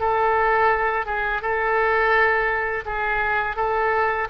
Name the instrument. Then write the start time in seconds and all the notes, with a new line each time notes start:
oboe
0.00 A4
1.06 G#4
1.42 A4
2.85 G#4
3.56 A4